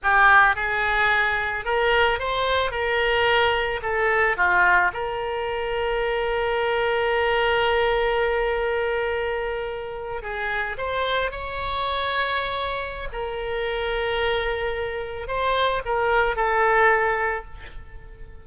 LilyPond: \new Staff \with { instrumentName = "oboe" } { \time 4/4 \tempo 4 = 110 g'4 gis'2 ais'4 | c''4 ais'2 a'4 | f'4 ais'2.~ | ais'1~ |
ais'2~ ais'8. gis'4 c''16~ | c''8. cis''2.~ cis''16 | ais'1 | c''4 ais'4 a'2 | }